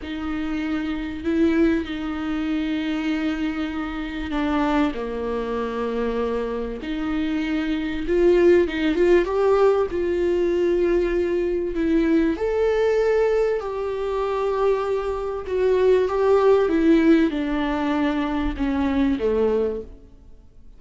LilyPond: \new Staff \with { instrumentName = "viola" } { \time 4/4 \tempo 4 = 97 dis'2 e'4 dis'4~ | dis'2. d'4 | ais2. dis'4~ | dis'4 f'4 dis'8 f'8 g'4 |
f'2. e'4 | a'2 g'2~ | g'4 fis'4 g'4 e'4 | d'2 cis'4 a4 | }